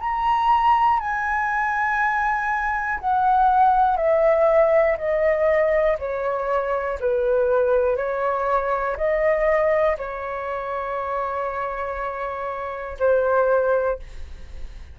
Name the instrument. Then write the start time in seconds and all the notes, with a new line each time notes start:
flute
0.00 A#5
1.00 G#5
3.00 F#5
3.97 E5
4.97 D#5
5.98 C#5
7.00 B4
7.96 C#5
8.96 D#5
9.98 C#5
12.99 C5